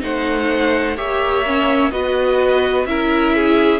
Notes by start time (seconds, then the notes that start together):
0.00 A3 D#4 C5 F#5
0.97 A#3 G4 C#5 E5
1.46 C#4
1.91 B3 F#4 B4 D#5
2.85 C#4 E4 A#4 E5
3.36 G#4